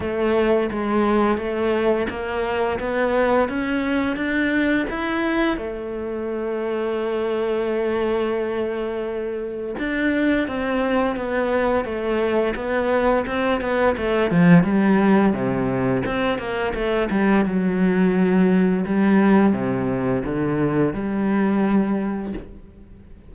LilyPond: \new Staff \with { instrumentName = "cello" } { \time 4/4 \tempo 4 = 86 a4 gis4 a4 ais4 | b4 cis'4 d'4 e'4 | a1~ | a2 d'4 c'4 |
b4 a4 b4 c'8 b8 | a8 f8 g4 c4 c'8 ais8 | a8 g8 fis2 g4 | c4 d4 g2 | }